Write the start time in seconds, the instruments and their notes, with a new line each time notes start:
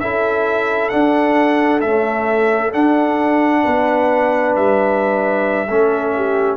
0.00 tuba C#4, trombone E4, horn A4, trumpet E5
0.89 trombone D4, tuba D4, trumpet F#5
1.81 trombone A3, tuba C#4, trumpet E5
2.73 trombone D4, tuba D4, trumpet F#5
3.63 tuba B3, horn B4
4.56 tuba G3, trumpet E5
5.68 tuba A3, trombone C#4, horn A4
6.16 horn G4